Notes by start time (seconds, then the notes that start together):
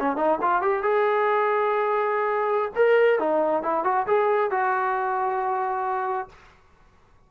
0.00 C#4
0.17 D#4
0.42 F4
0.62 G4
0.83 G#4
2.76 A#4
3.20 D#4
3.63 E4
3.85 F#4
4.07 G#4
4.51 F#4